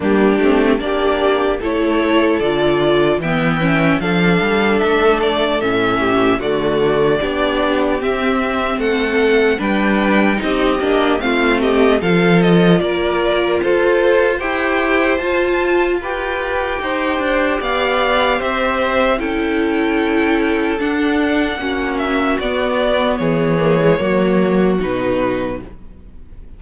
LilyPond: <<
  \new Staff \with { instrumentName = "violin" } { \time 4/4 \tempo 4 = 75 g'4 d''4 cis''4 d''4 | g''4 f''4 e''8 d''8 e''4 | d''2 e''4 fis''4 | g''4 dis''4 f''8 dis''8 f''8 dis''8 |
d''4 c''4 g''4 a''4 | g''2 f''4 e''4 | g''2 fis''4. e''8 | d''4 cis''2 b'4 | }
  \new Staff \with { instrumentName = "violin" } { \time 4/4 d'4 g'4 a'2 | e''4 a'2~ a'8 g'8 | fis'4 g'2 a'4 | b'4 g'4 f'8 g'8 a'4 |
ais'4 a'4 c''2 | b'4 c''4 d''4 c''4 | a'2. fis'4~ | fis'4 gis'4 fis'2 | }
  \new Staff \with { instrumentName = "viola" } { \time 4/4 ais8 c'8 d'4 e'4 f'4 | b8 cis'8 d'2 cis'4 | a4 d'4 c'2 | d'4 dis'8 d'8 c'4 f'4~ |
f'2 g'4 f'4 | g'1 | e'2 d'4 cis'4 | b4. ais16 gis16 ais4 dis'4 | }
  \new Staff \with { instrumentName = "cello" } { \time 4/4 g8 a8 ais4 a4 d4 | e4 f8 g8 a4 a,4 | d4 b4 c'4 a4 | g4 c'8 ais8 a4 f4 |
ais4 f'4 e'4 f'4~ | f'4 dis'8 d'8 b4 c'4 | cis'2 d'4 ais4 | b4 e4 fis4 b,4 | }
>>